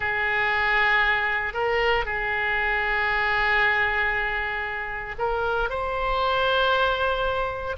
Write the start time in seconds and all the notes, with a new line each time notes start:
0.00 G#4
1.53 A#4
2.05 G#4
5.18 A#4
5.69 C5